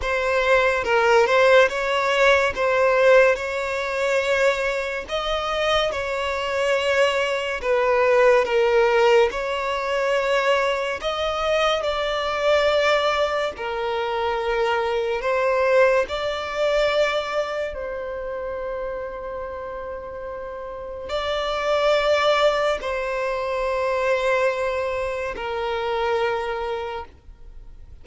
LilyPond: \new Staff \with { instrumentName = "violin" } { \time 4/4 \tempo 4 = 71 c''4 ais'8 c''8 cis''4 c''4 | cis''2 dis''4 cis''4~ | cis''4 b'4 ais'4 cis''4~ | cis''4 dis''4 d''2 |
ais'2 c''4 d''4~ | d''4 c''2.~ | c''4 d''2 c''4~ | c''2 ais'2 | }